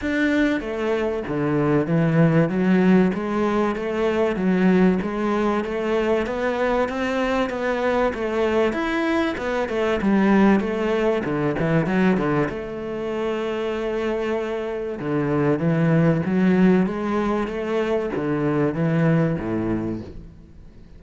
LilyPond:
\new Staff \with { instrumentName = "cello" } { \time 4/4 \tempo 4 = 96 d'4 a4 d4 e4 | fis4 gis4 a4 fis4 | gis4 a4 b4 c'4 | b4 a4 e'4 b8 a8 |
g4 a4 d8 e8 fis8 d8 | a1 | d4 e4 fis4 gis4 | a4 d4 e4 a,4 | }